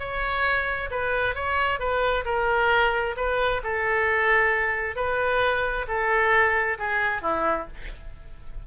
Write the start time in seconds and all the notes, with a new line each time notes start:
0.00 C#5
0.91 B4
1.36 C#5
1.80 B4
2.26 A#4
3.17 B4
3.64 A4
4.96 B4
5.88 A4
6.79 G#4
7.22 E4